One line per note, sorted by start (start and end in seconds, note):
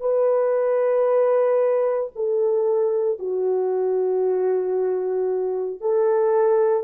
0.00 2.11 B4
2.15 3.19 A4
3.19 5.80 F#4
5.80 6.83 A4